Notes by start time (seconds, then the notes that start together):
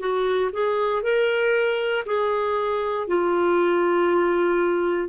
0.00 F#4
0.53 G#4
1.03 A#4
2.06 G#4
3.07 F4